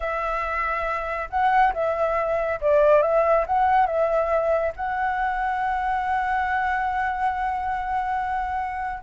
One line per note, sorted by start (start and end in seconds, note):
0.00 1.29 E5
1.29 1.73 F#5
1.73 2.60 E5
2.61 3.02 D5
3.02 3.45 E5
3.46 3.86 F#5
3.86 4.72 E5
4.75 9.03 F#5